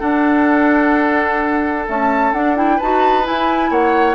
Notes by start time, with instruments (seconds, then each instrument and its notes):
0.00 clarinet D4, bassoon D4, oboe A4, flute F#5
1.87 clarinet A3, bassoon C#4, flute A5
2.33 bassoon D4, clarinet D4, flute F#5
2.56 clarinet E4, flute G5
2.77 bassoon D#4, clarinet F#4, oboe B4, flute A5
3.24 clarinet E4, bassoon E4, flute G#5
3.71 bassoon A#3, oboe C#5, flute F#5